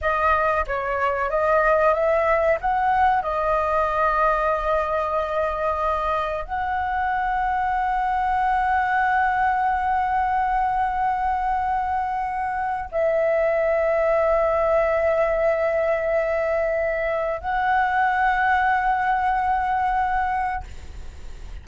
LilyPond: \new Staff \with { instrumentName = "flute" } { \time 4/4 \tempo 4 = 93 dis''4 cis''4 dis''4 e''4 | fis''4 dis''2.~ | dis''2 fis''2~ | fis''1~ |
fis''1 | e''1~ | e''2. fis''4~ | fis''1 | }